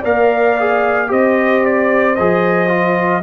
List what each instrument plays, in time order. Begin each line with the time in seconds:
0.00 tuba A#3, trombone A#4, horn D5, trumpet F5
0.60 trombone G#4
1.07 tuba C4, trombone G4, horn C5, trumpet D#5
1.66 trumpet D5
2.16 tuba F3, trombone G#4, trumpet D#5
2.68 trombone F4